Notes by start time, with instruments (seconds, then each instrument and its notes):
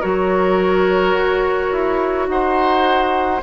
0.00 bassoon F#3, clarinet F#4, oboe A#4, flute C#5
1.13 bassoon F#4
1.72 bassoon E4
2.28 bassoon D#4, oboe C5, flute F#5